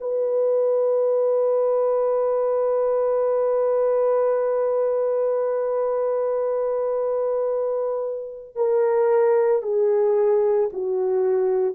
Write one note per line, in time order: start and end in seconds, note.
0.00 8.56 B4
8.56 9.62 A#4
9.62 10.69 G#4
10.73 11.75 F#4